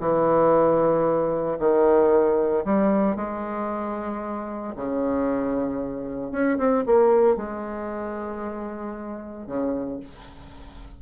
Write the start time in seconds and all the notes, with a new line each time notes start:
0.00 E3
1.59 D#3
2.65 G3
3.16 G#3
4.76 C#3
6.31 C#4
6.58 C4
6.86 A#3
7.36 G#3
9.47 C#3